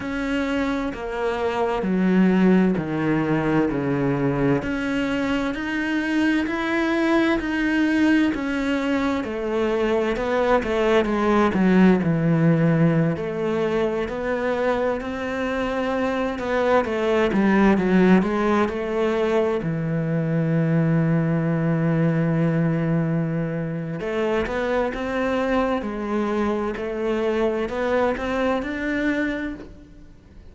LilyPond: \new Staff \with { instrumentName = "cello" } { \time 4/4 \tempo 4 = 65 cis'4 ais4 fis4 dis4 | cis4 cis'4 dis'4 e'4 | dis'4 cis'4 a4 b8 a8 | gis8 fis8 e4~ e16 a4 b8.~ |
b16 c'4. b8 a8 g8 fis8 gis16~ | gis16 a4 e2~ e8.~ | e2 a8 b8 c'4 | gis4 a4 b8 c'8 d'4 | }